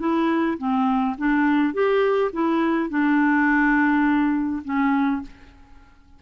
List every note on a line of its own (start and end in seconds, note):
0.00 0.58 E4
0.58 1.16 C4
1.18 1.74 D4
1.74 2.32 G4
2.33 2.90 E4
2.90 4.63 D4
4.65 5.22 C#4